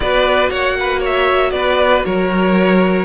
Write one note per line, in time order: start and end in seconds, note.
0.00 0.50 B3
0.00 3.04 F#4
0.00 0.50 B4
0.00 0.49 D5
0.49 1.52 A#3
0.49 0.76 C#5
0.49 1.00 F#5
0.79 1.00 B4
1.00 1.51 C#5
1.00 1.51 E5
1.51 2.03 B3
1.51 2.05 B4
1.51 2.02 D5
2.05 3.04 F#3
2.05 3.04 A#4
2.05 3.04 C#5